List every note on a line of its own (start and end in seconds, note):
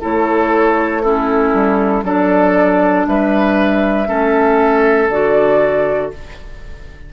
0.00 1.53 A3
0.00 1.02 E4
0.00 1.02 A4
0.00 1.02 C#5
1.02 2.04 C#4
1.02 2.04 E4
1.02 2.04 A4
1.53 2.03 G3
2.03 3.05 F#3
2.03 4.06 D4
2.03 3.06 A4
2.03 3.07 D5
3.06 4.08 G3
3.06 4.08 B4
3.06 5.09 E5
4.06 5.09 A3
4.06 5.08 C#4
4.06 6.12 A4
5.09 6.10 D3
5.09 6.13 F#4
5.09 6.11 D5